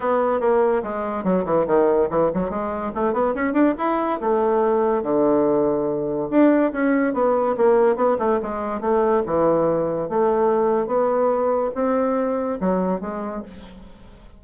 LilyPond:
\new Staff \with { instrumentName = "bassoon" } { \time 4/4 \tempo 4 = 143 b4 ais4 gis4 fis8 e8 | dis4 e8 fis8 gis4 a8 b8 | cis'8 d'8 e'4 a2 | d2. d'4 |
cis'4 b4 ais4 b8 a8 | gis4 a4 e2 | a2 b2 | c'2 fis4 gis4 | }